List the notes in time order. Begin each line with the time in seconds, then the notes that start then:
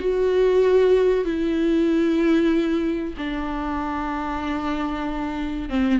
0.00 F#4
1.25 E4
3.18 D4
5.70 C4